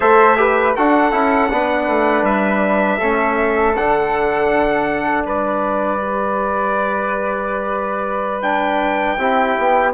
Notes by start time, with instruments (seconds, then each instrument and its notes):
0.00 bassoon A3, trombone A4, flute C5, trumpet E5
0.37 trombone G4, flute B4
0.75 bassoon D4, trombone F#4, flute A4, trumpet F#5
1.11 bassoon C#4, trombone E4
1.50 bassoon B3, trombone D4, flute B4
1.87 bassoon A3
2.22 bassoon G3, trumpet E5
2.98 bassoon A3, trombone C#4, flute A4
3.76 bassoon D3, trombone D4, trumpet F#5
5.25 bassoon G3, flute B4, trumpet D5
5.99 trombone G4
8.42 trombone D4, trumpet G5
9.17 bassoon C4, trombone E4, flute G4
9.58 bassoon B3